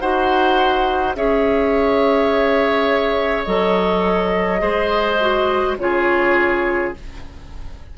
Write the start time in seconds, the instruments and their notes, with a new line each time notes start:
0.00 bassoon D#4, clarinet F#4, oboe C5, flute F#5
1.16 bassoon C#4, clarinet G#4, oboe C#5, flute E5
3.44 bassoon F#3, clarinet A4, flute D#5
4.59 bassoon G#3, clarinet G#4, oboe C5
5.21 clarinet F#4
5.78 bassoon C#3, clarinet F4, oboe G#4, flute C#5